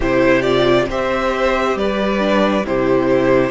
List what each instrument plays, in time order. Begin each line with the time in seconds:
0.00 cello C3, viola E4, violin G4 C5
0.41 viola F4, violin D5
0.89 cello C4, viola G4, violin C5 E5
1.75 cello G3, violin B4 D5
2.19 viola D4
2.65 cello C3, viola E4, violin G4 C5